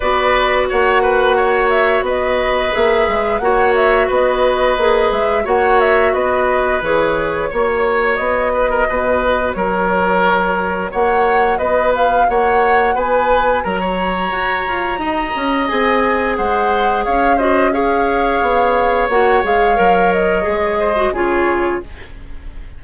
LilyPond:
<<
  \new Staff \with { instrumentName = "flute" } { \time 4/4 \tempo 4 = 88 d''4 fis''4. e''8 dis''4 | e''4 fis''8 e''8 dis''4. e''8 | fis''8 e''8 dis''4 cis''2 | dis''2 cis''2 |
fis''4 dis''8 f''8 fis''4 gis''4 | ais''2. gis''4 | fis''4 f''8 dis''8 f''2 | fis''8 f''4 dis''4. cis''4 | }
  \new Staff \with { instrumentName = "oboe" } { \time 4/4 b'4 cis''8 b'8 cis''4 b'4~ | b'4 cis''4 b'2 | cis''4 b'2 cis''4~ | cis''8 b'16 ais'16 b'4 ais'2 |
cis''4 b'4 cis''4 b'4 | ais'16 cis''4.~ cis''16 dis''2 | c''4 cis''8 c''8 cis''2~ | cis''2~ cis''8 c''8 gis'4 | }
  \new Staff \with { instrumentName = "clarinet" } { \time 4/4 fis'1 | gis'4 fis'2 gis'4 | fis'2 gis'4 fis'4~ | fis'1~ |
fis'1~ | fis'2. gis'4~ | gis'4. fis'8 gis'2 | fis'8 gis'8 ais'4 gis'8. fis'16 f'4 | }
  \new Staff \with { instrumentName = "bassoon" } { \time 4/4 b4 ais2 b4 | ais8 gis8 ais4 b4 ais8 gis8 | ais4 b4 e4 ais4 | b4 b,4 fis2 |
ais4 b4 ais4 b4 | fis4 fis'8 f'8 dis'8 cis'8 c'4 | gis4 cis'2 b4 | ais8 gis8 fis4 gis4 cis4 | }
>>